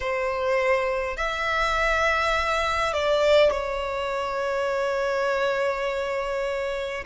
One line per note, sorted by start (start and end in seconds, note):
0.00 1.17 C5
1.17 2.93 E5
2.93 3.51 D5
3.51 7.04 C#5